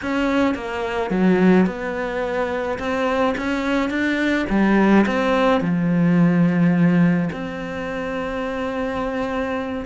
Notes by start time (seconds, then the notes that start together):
0.02 C#4
0.54 A#3
1.10 F#3
1.66 B3
2.78 C4
3.37 C#4
3.89 D4
4.49 G3
5.06 C4
5.60 F3
7.32 C4